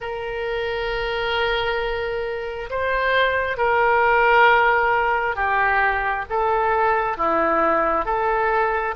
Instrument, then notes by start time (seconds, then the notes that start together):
oboe
0.00 A#4
2.69 C5
3.57 A#4
5.35 G4
6.29 A4
7.16 E4
8.05 A4